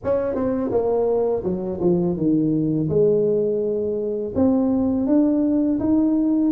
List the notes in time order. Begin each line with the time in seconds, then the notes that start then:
0.04 C#4
0.34 C4
0.71 A#3
1.43 F#3
1.80 F3
2.16 D#3
2.89 G#3
4.35 C4
5.06 D4
5.79 D#4